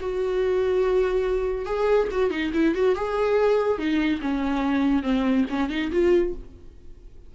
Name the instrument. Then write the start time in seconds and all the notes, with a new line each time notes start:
viola
0.00 F#4
1.66 G#4
2.11 F#4
2.30 D#4
2.54 E4
2.75 F#4
2.96 G#4
3.78 D#4
4.22 C#4
5.03 C4
5.49 C#4
5.69 D#4
5.92 F4